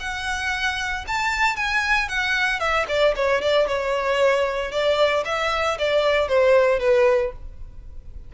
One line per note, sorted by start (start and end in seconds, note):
0.00 1.05 F#5
1.08 1.56 A5
1.56 2.09 G#5
2.09 2.60 F#5
2.60 2.86 E5
2.89 3.15 D5
3.16 3.42 C#5
3.42 3.68 D5
3.68 4.72 C#5
4.72 5.24 D5
5.25 5.78 E5
5.79 6.28 D5
6.28 6.80 C5
6.80 7.32 B4